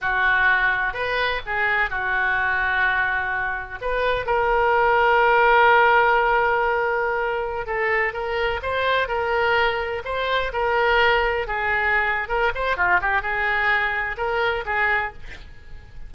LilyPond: \new Staff \with { instrumentName = "oboe" } { \time 4/4 \tempo 4 = 127 fis'2 b'4 gis'4 | fis'1 | b'4 ais'2.~ | ais'1~ |
ais'16 a'4 ais'4 c''4 ais'8.~ | ais'4~ ais'16 c''4 ais'4.~ ais'16~ | ais'16 gis'4.~ gis'16 ais'8 c''8 f'8 g'8 | gis'2 ais'4 gis'4 | }